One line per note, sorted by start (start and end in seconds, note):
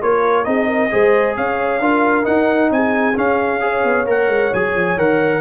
0.00 0.46 A#3
0.00 0.44 F4
0.00 0.45 A#4
0.00 0.44 C#5
0.44 0.91 C4
0.44 0.89 D#4
0.44 0.67 G#4
0.44 1.34 D#5
0.67 0.89 A#4
0.90 1.37 G#3
0.90 1.80 G#4
0.90 1.36 C5
1.36 1.80 C#4
1.36 1.81 C#5
1.36 2.25 F5
1.80 2.25 D4
1.80 2.23 F4
1.80 2.71 A#4
2.23 3.13 D#4
2.23 2.70 D#4
2.23 2.70 F#5
2.70 3.15 C4
2.70 3.63 G#4
2.70 3.17 G#5
3.16 3.60 C#4
3.16 3.84 C#4
3.16 4.08 F5
3.60 4.05 G#4
3.60 5.41 C#5
3.84 4.05 B3
4.05 4.27 A#3
4.05 4.51 A#4
4.05 4.53 F#5
4.27 4.50 G#3
4.53 4.75 F#3
4.53 4.98 G#4
4.53 4.98 G#5
4.75 4.97 F3
4.97 5.41 D#3
4.97 5.41 A#4
4.97 5.41 F#5